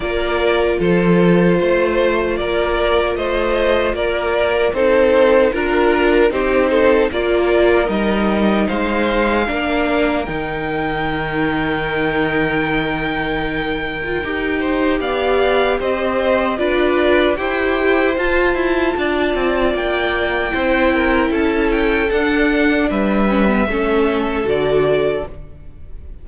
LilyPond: <<
  \new Staff \with { instrumentName = "violin" } { \time 4/4 \tempo 4 = 76 d''4 c''2 d''4 | dis''4 d''4 c''4 ais'4 | c''4 d''4 dis''4 f''4~ | f''4 g''2.~ |
g''2. f''4 | dis''4 d''4 g''4 a''4~ | a''4 g''2 a''8 g''8 | fis''4 e''2 d''4 | }
  \new Staff \with { instrumentName = "violin" } { \time 4/4 ais'4 a'4 c''4 ais'4 | c''4 ais'4 a'4 ais'4 | g'8 a'8 ais'2 c''4 | ais'1~ |
ais'2~ ais'8 c''8 d''4 | c''4 b'4 c''2 | d''2 c''8 ais'8 a'4~ | a'4 b'4 a'2 | }
  \new Staff \with { instrumentName = "viola" } { \time 4/4 f'1~ | f'2 dis'4 f'4 | dis'4 f'4 dis'2 | d'4 dis'2.~ |
dis'4.~ dis'16 f'16 g'2~ | g'4 f'4 g'4 f'4~ | f'2 e'2 | d'4. cis'16 b16 cis'4 fis'4 | }
  \new Staff \with { instrumentName = "cello" } { \time 4/4 ais4 f4 a4 ais4 | a4 ais4 c'4 d'4 | c'4 ais4 g4 gis4 | ais4 dis2.~ |
dis2 dis'4 b4 | c'4 d'4 e'4 f'8 e'8 | d'8 c'8 ais4 c'4 cis'4 | d'4 g4 a4 d4 | }
>>